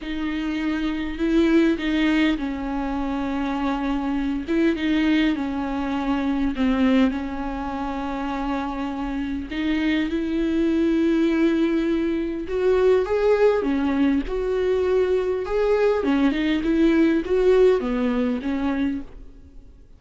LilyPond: \new Staff \with { instrumentName = "viola" } { \time 4/4 \tempo 4 = 101 dis'2 e'4 dis'4 | cis'2.~ cis'8 e'8 | dis'4 cis'2 c'4 | cis'1 |
dis'4 e'2.~ | e'4 fis'4 gis'4 cis'4 | fis'2 gis'4 cis'8 dis'8 | e'4 fis'4 b4 cis'4 | }